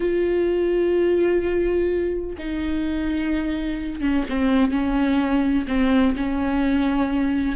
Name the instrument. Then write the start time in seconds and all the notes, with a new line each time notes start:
viola
0.00 F4
2.38 D#4
4.00 C#4
4.29 C4
4.71 C#4
5.67 C4
6.16 C#4